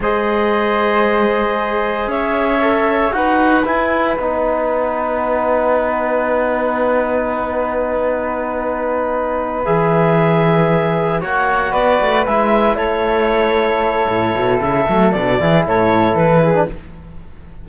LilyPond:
<<
  \new Staff \with { instrumentName = "clarinet" } { \time 4/4 \tempo 4 = 115 dis''1 | e''2 fis''4 gis''4 | fis''1~ | fis''1~ |
fis''2~ fis''8 e''4.~ | e''4. fis''4 d''4 e''8~ | e''8 cis''2.~ cis''8 | e''4 d''4 cis''4 b'4 | }
  \new Staff \with { instrumentName = "flute" } { \time 4/4 c''1 | cis''2 b'2~ | b'1~ | b'1~ |
b'1~ | b'4. cis''4 b'4.~ | b'8 a'2.~ a'8~ | a'4. gis'8 a'4. gis'8 | }
  \new Staff \with { instrumentName = "trombone" } { \time 4/4 gis'1~ | gis'4 a'4 fis'4 e'4 | dis'1~ | dis'1~ |
dis'2~ dis'8 gis'4.~ | gis'4. fis'2 e'8~ | e'1~ | e'8 a8 d'8 e'2~ e'16 d'16 | }
  \new Staff \with { instrumentName = "cello" } { \time 4/4 gis1 | cis'2 dis'4 e'4 | b1~ | b1~ |
b2~ b8 e4.~ | e4. ais4 b8 a8 gis8~ | gis8 a2~ a8 a,8 b,8 | cis8 fis8 b,8 e8 a,4 e4 | }
>>